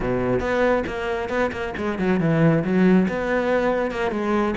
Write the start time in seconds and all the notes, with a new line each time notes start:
0.00 B2
0.40 B3
0.87 A#3
1.29 B3
1.52 A#3
1.77 G#3
1.98 F#3
2.20 E3
2.64 F#3
3.08 B3
3.91 A#3
4.11 G#3